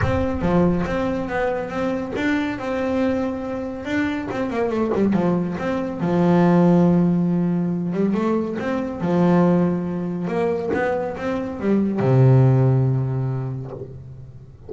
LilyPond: \new Staff \with { instrumentName = "double bass" } { \time 4/4 \tempo 4 = 140 c'4 f4 c'4 b4 | c'4 d'4 c'2~ | c'4 d'4 c'8 ais8 a8 g8 | f4 c'4 f2~ |
f2~ f8 g8 a4 | c'4 f2. | ais4 b4 c'4 g4 | c1 | }